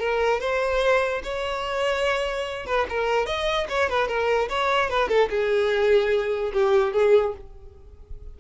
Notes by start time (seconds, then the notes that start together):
0.00 A#4
0.41 C5
1.24 C#5
2.66 B4
2.90 A#4
3.27 D#5
3.70 C#5
3.90 B4
4.08 A#4
4.49 C#5
4.90 B4
5.09 A4
5.30 G#4
6.53 G4
6.93 G#4